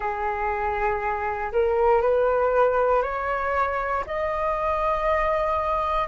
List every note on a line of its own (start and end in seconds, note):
0.00 1.52 G#4
1.52 2.01 A#4
2.01 3.02 B4
3.02 4.04 C#5
4.06 6.07 D#5